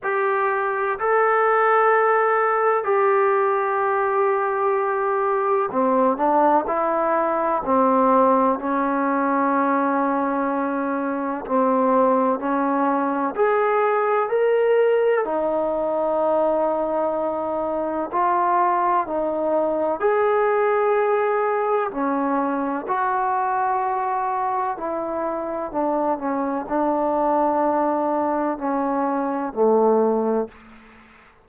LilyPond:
\new Staff \with { instrumentName = "trombone" } { \time 4/4 \tempo 4 = 63 g'4 a'2 g'4~ | g'2 c'8 d'8 e'4 | c'4 cis'2. | c'4 cis'4 gis'4 ais'4 |
dis'2. f'4 | dis'4 gis'2 cis'4 | fis'2 e'4 d'8 cis'8 | d'2 cis'4 a4 | }